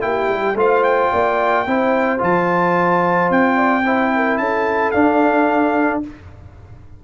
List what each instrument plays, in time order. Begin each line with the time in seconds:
0.00 tuba A#3, trombone E4, horn G4, trumpet G5
0.29 tuba G3
0.55 tuba A3, trombone F4, horn C5, trumpet F5
0.83 trumpet G5
1.11 tuba A#3, horn D5
1.66 tuba C4, trombone E4, horn C5
2.19 tuba F3, trombone F4, trumpet A5
3.30 tuba C4, trumpet G5
3.56 horn D5
3.85 trombone E4, horn C5
4.15 horn A#4
4.37 tuba C#4, horn A4, trumpet A5
4.91 trombone D4, tuba D4, trumpet F5